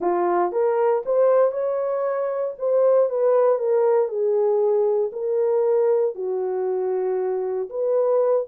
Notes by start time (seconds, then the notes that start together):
0.00 F4
0.52 A#4
1.05 C5
1.51 C#5
2.58 C5
3.09 B4
3.58 A#4
4.08 G#4
5.12 A#4
6.15 F#4
7.69 B4